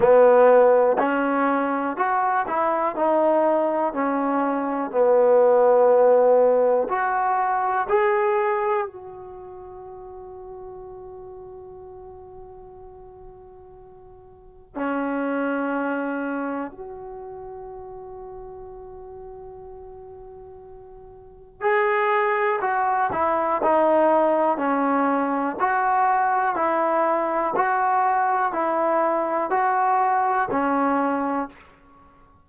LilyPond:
\new Staff \with { instrumentName = "trombone" } { \time 4/4 \tempo 4 = 61 b4 cis'4 fis'8 e'8 dis'4 | cis'4 b2 fis'4 | gis'4 fis'2.~ | fis'2. cis'4~ |
cis'4 fis'2.~ | fis'2 gis'4 fis'8 e'8 | dis'4 cis'4 fis'4 e'4 | fis'4 e'4 fis'4 cis'4 | }